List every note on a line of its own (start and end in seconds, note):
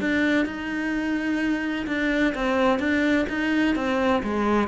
0.00 0.46 D4
0.46 1.86 D#4
1.87 2.34 D4
2.35 2.79 C4
2.79 3.26 D4
3.29 3.75 D#4
3.75 4.22 C4
4.23 4.68 G#3